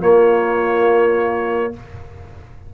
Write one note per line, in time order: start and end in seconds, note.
0.00 1.73 A#3
0.00 1.71 F4
0.00 1.73 C#5